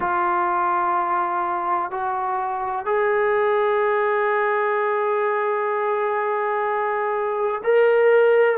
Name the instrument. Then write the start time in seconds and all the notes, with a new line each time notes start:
trombone
0.00 F4
1.90 F#4
2.85 G#4
7.63 A#4